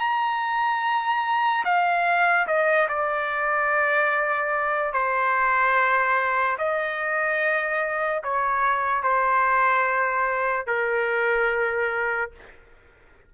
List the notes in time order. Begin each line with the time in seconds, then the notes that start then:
0.00 A#5
1.65 F5
2.47 D#5
2.88 D5
4.93 C5
6.58 D#5
8.23 C#5
9.03 C5
10.67 A#4